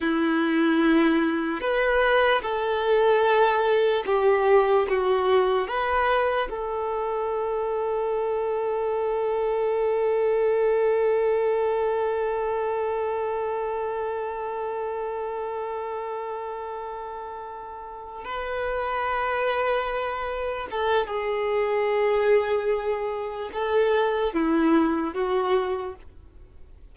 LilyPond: \new Staff \with { instrumentName = "violin" } { \time 4/4 \tempo 4 = 74 e'2 b'4 a'4~ | a'4 g'4 fis'4 b'4 | a'1~ | a'1~ |
a'1~ | a'2~ a'8 b'4.~ | b'4. a'8 gis'2~ | gis'4 a'4 e'4 fis'4 | }